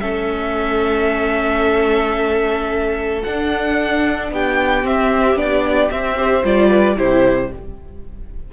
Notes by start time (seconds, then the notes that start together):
0.00 A3 C#4 A4 E5
3.23 D4 F#5
4.31 B3 G4 G5
4.83 C4 E5
5.36 B3 D4 D5
5.91 C4 E5
6.17 G4 C5
6.44 G3 F4 D5
6.70 B4
6.97 C3 E4 G4 C5